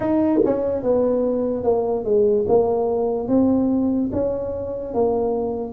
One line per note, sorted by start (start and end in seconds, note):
0.00 0.40 D#4
0.44 0.83 C#4
0.83 1.63 B3
1.63 2.04 A#3
2.04 2.45 G#3
2.48 3.28 A#3
3.28 4.10 C4
4.12 4.94 C#4
4.94 5.73 A#3